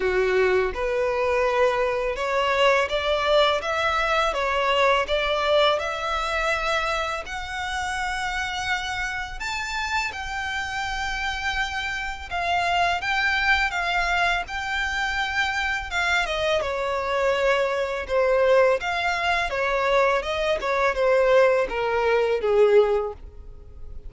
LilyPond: \new Staff \with { instrumentName = "violin" } { \time 4/4 \tempo 4 = 83 fis'4 b'2 cis''4 | d''4 e''4 cis''4 d''4 | e''2 fis''2~ | fis''4 a''4 g''2~ |
g''4 f''4 g''4 f''4 | g''2 f''8 dis''8 cis''4~ | cis''4 c''4 f''4 cis''4 | dis''8 cis''8 c''4 ais'4 gis'4 | }